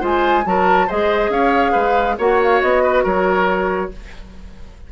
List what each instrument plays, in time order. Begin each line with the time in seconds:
0.00 bassoon G#3, clarinet F4, oboe C5, flute G#5
0.45 bassoon F#3, clarinet F#4, oboe A#4, flute A5
0.87 bassoon G#3, clarinet G#4, oboe C5, flute D#5
1.29 bassoon C#4, oboe C#5, flute F5
1.72 bassoon G#3, oboe B4
2.18 bassoon A#3, clarinet F#4, oboe C#5, flute F#5
2.43 flute F5
2.62 bassoon B3, flute D#5
2.83 oboe B4
3.03 bassoon F#3, oboe A#4, flute C#5